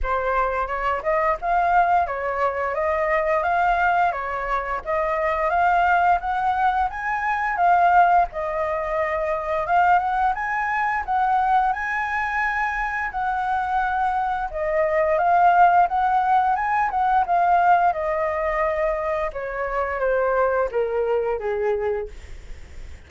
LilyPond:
\new Staff \with { instrumentName = "flute" } { \time 4/4 \tempo 4 = 87 c''4 cis''8 dis''8 f''4 cis''4 | dis''4 f''4 cis''4 dis''4 | f''4 fis''4 gis''4 f''4 | dis''2 f''8 fis''8 gis''4 |
fis''4 gis''2 fis''4~ | fis''4 dis''4 f''4 fis''4 | gis''8 fis''8 f''4 dis''2 | cis''4 c''4 ais'4 gis'4 | }